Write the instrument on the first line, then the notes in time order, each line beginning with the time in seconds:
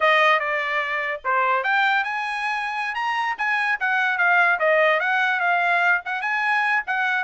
trumpet
0.00 D#5
0.39 D5
1.24 C5
1.63 G5
2.04 G#5
2.94 A#5
3.38 G#5
3.79 F#5
4.18 F5
4.59 D#5
4.99 F#5
5.40 F5
6.05 F#5
6.21 G#5
6.87 F#5